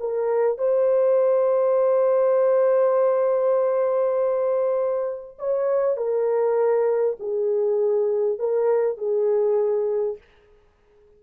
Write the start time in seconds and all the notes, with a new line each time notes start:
0.00 A#4
0.58 C5
5.39 C#5
5.97 A#4
7.20 G#4
8.39 A#4
8.98 G#4